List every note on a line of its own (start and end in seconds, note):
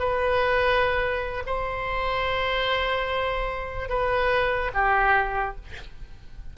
0.00 1.44 B4
1.46 3.89 C5
3.89 4.71 B4
4.74 5.56 G4